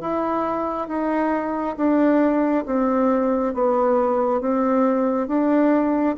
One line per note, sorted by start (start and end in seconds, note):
0.00 0.88 E4
0.88 1.76 D#4
1.76 2.65 D4
2.66 3.54 C4
3.54 4.41 B3
4.41 5.27 C4
5.27 6.16 D4